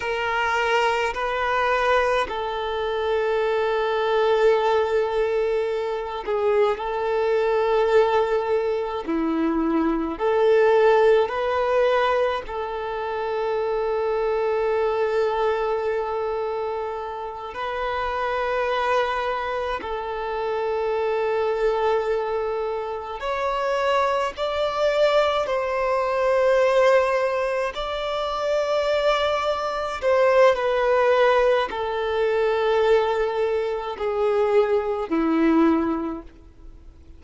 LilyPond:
\new Staff \with { instrumentName = "violin" } { \time 4/4 \tempo 4 = 53 ais'4 b'4 a'2~ | a'4. gis'8 a'2 | e'4 a'4 b'4 a'4~ | a'2.~ a'8 b'8~ |
b'4. a'2~ a'8~ | a'8 cis''4 d''4 c''4.~ | c''8 d''2 c''8 b'4 | a'2 gis'4 e'4 | }